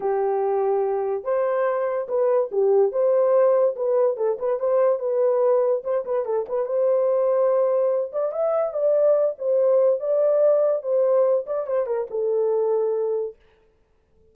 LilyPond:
\new Staff \with { instrumentName = "horn" } { \time 4/4 \tempo 4 = 144 g'2. c''4~ | c''4 b'4 g'4 c''4~ | c''4 b'4 a'8 b'8 c''4 | b'2 c''8 b'8 a'8 b'8 |
c''2.~ c''8 d''8 | e''4 d''4. c''4. | d''2 c''4. d''8 | c''8 ais'8 a'2. | }